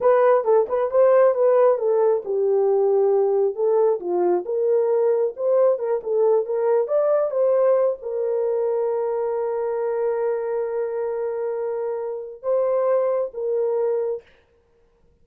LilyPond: \new Staff \with { instrumentName = "horn" } { \time 4/4 \tempo 4 = 135 b'4 a'8 b'8 c''4 b'4 | a'4 g'2. | a'4 f'4 ais'2 | c''4 ais'8 a'4 ais'4 d''8~ |
d''8 c''4. ais'2~ | ais'1~ | ais'1 | c''2 ais'2 | }